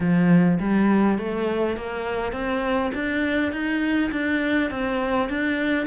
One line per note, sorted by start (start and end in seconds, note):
0.00 0.59 F3
0.59 1.18 G3
1.18 1.76 A3
1.76 2.32 A#3
2.32 2.91 C4
2.94 3.51 D4
3.51 4.10 D#4
4.11 4.70 D4
4.70 5.29 C4
5.29 5.86 D4